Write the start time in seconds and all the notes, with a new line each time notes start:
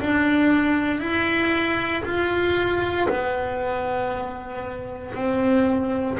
0.00 D4
1.00 E4
2.04 F4
3.08 B3
5.14 C4